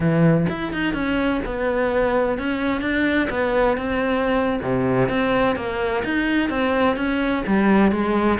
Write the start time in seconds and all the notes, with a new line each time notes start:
0.00 E3
0.49 E4
0.72 D#4
0.93 C#4
1.45 B3
2.38 C#4
2.81 D4
3.29 B3
3.77 C4
4.62 C3
5.08 C4
5.56 A#3
6.04 D#4
6.49 C4
6.96 C#4
7.46 G3
7.91 G#3